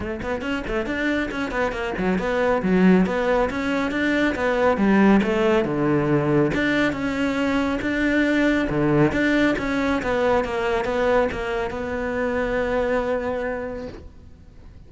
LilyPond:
\new Staff \with { instrumentName = "cello" } { \time 4/4 \tempo 4 = 138 a8 b8 cis'8 a8 d'4 cis'8 b8 | ais8 fis8 b4 fis4 b4 | cis'4 d'4 b4 g4 | a4 d2 d'4 |
cis'2 d'2 | d4 d'4 cis'4 b4 | ais4 b4 ais4 b4~ | b1 | }